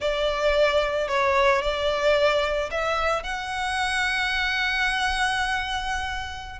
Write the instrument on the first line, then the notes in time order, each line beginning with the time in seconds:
violin
0.00 D5
1.08 C#5
1.61 D5
2.71 E5
3.23 F#5